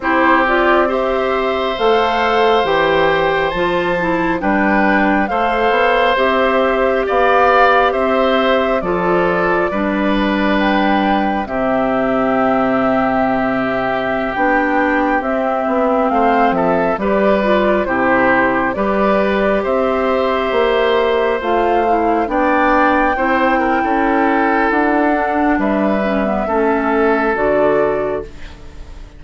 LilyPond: <<
  \new Staff \with { instrumentName = "flute" } { \time 4/4 \tempo 4 = 68 c''8 d''8 e''4 f''4 g''4 | a''4 g''4 f''4 e''4 | f''4 e''4 d''2 | g''4 e''2.~ |
e''16 g''4 e''4 f''8 e''8 d''8.~ | d''16 c''4 d''4 e''4.~ e''16~ | e''16 f''4 g''2~ g''8. | fis''4 e''2 d''4 | }
  \new Staff \with { instrumentName = "oboe" } { \time 4/4 g'4 c''2.~ | c''4 b'4 c''2 | d''4 c''4 a'4 b'4~ | b'4 g'2.~ |
g'2~ g'16 c''8 a'8 b'8.~ | b'16 g'4 b'4 c''4.~ c''16~ | c''4~ c''16 d''4 c''8 ais'16 a'4~ | a'4 b'4 a'2 | }
  \new Staff \with { instrumentName = "clarinet" } { \time 4/4 e'8 f'8 g'4 a'4 g'4 | f'8 e'8 d'4 a'4 g'4~ | g'2 f'4 d'4~ | d'4 c'2.~ |
c'16 d'4 c'2 g'8 f'16~ | f'16 e'4 g'2~ g'8.~ | g'16 f'8 e'8 d'4 e'4.~ e'16~ | e'8 d'4 cis'16 b16 cis'4 fis'4 | }
  \new Staff \with { instrumentName = "bassoon" } { \time 4/4 c'2 a4 e4 | f4 g4 a8 b8 c'4 | b4 c'4 f4 g4~ | g4 c2.~ |
c16 b4 c'8 b8 a8 f8 g8.~ | g16 c4 g4 c'4 ais8.~ | ais16 a4 b4 c'8. cis'4 | d'4 g4 a4 d4 | }
>>